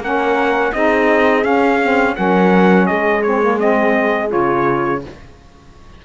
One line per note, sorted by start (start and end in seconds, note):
0.00 0.71 A#3
0.00 0.74 C#4
0.00 0.74 A#4
0.00 0.73 F#5
0.73 1.45 C4
0.73 1.43 D#4
0.73 2.17 G#4
0.73 1.44 D#5
1.43 1.79 C#4
1.43 2.16 C#4
1.43 2.16 F5
1.83 2.15 C4
2.15 2.90 F#3
2.15 3.22 C#4
2.15 2.88 A#4
2.15 2.87 F#5
2.87 4.34 G#3
2.87 5.03 G#4
2.87 3.22 D#5
3.23 3.42 C4
3.23 3.58 C#5
3.42 3.59 A#3
3.59 4.28 C4
3.59 4.31 D#5
4.28 5.05 C#3
4.28 4.99 F4
4.28 5.03 C#5